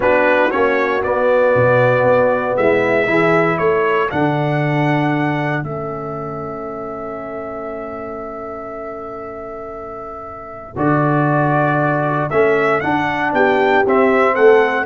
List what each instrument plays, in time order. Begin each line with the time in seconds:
0.00 tuba B3, trombone D4, horn F#4, trumpet B4
0.50 tuba A#3, trombone C#4, trumpet C#5
1.02 trombone B3, tuba B3, trumpet D5
1.55 tuba B2
2.03 tuba B3
2.57 tuba G#3, horn E4, trumpet E5
3.07 tuba E3, trombone E4, horn G#4
3.58 tuba A3, horn A4, trumpet C#5
4.10 tuba D3, trombone D4, trumpet F#5
5.63 tuba A3, trombone C#4, trumpet E5
10.76 tuba D3, trombone F#4, trumpet D5
12.30 tuba A3, trombone C#4, trumpet E5
12.80 trombone D4, tuba D4, trumpet F#5
13.32 tuba B3, horn G4, trumpet G5
13.86 tuba C4, trombone C4, trumpet E5
14.35 tuba A3, horn A4, trumpet F#5